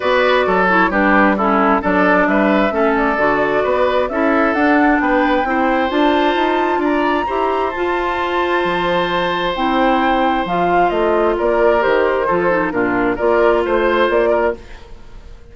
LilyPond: <<
  \new Staff \with { instrumentName = "flute" } { \time 4/4 \tempo 4 = 132 d''4. cis''8 b'4 a'4 | d''4 e''4. d''4.~ | d''4 e''4 fis''4 g''4~ | g''4 a''2 ais''4~ |
ais''4 a''2.~ | a''4 g''2 f''4 | dis''4 d''4 c''2 | ais'4 d''4 c''4 d''4 | }
  \new Staff \with { instrumentName = "oboe" } { \time 4/4 b'4 a'4 g'4 e'4 | a'4 b'4 a'2 | b'4 a'2 b'4 | c''2. d''4 |
c''1~ | c''1~ | c''4 ais'2 a'4 | f'4 ais'4 c''4. ais'8 | }
  \new Staff \with { instrumentName = "clarinet" } { \time 4/4 fis'4. e'8 d'4 cis'4 | d'2 cis'4 fis'4~ | fis'4 e'4 d'2 | e'4 f'2. |
g'4 f'2.~ | f'4 e'2 f'4~ | f'2 g'4 f'8 dis'8 | d'4 f'2. | }
  \new Staff \with { instrumentName = "bassoon" } { \time 4/4 b4 fis4 g2 | fis4 g4 a4 d4 | b4 cis'4 d'4 b4 | c'4 d'4 dis'4 d'4 |
e'4 f'2 f4~ | f4 c'2 f4 | a4 ais4 dis4 f4 | ais,4 ais4 a4 ais4 | }
>>